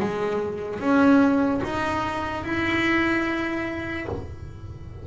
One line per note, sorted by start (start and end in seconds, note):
0.00 0.80 G#3
0.80 1.61 C#4
1.64 2.44 D#4
2.44 4.06 E4